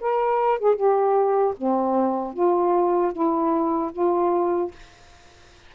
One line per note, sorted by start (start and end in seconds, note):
0.00 0.59 A#4
0.59 0.75 G#4
0.75 1.54 G4
1.57 2.33 C4
2.33 3.12 F4
3.12 3.91 E4
3.92 4.71 F4